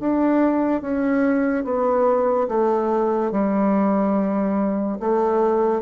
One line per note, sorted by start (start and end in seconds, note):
0.00 0.82 D4
0.82 1.65 C#4
1.65 2.48 B3
2.48 3.32 A3
3.32 4.98 G3
5.00 5.83 A3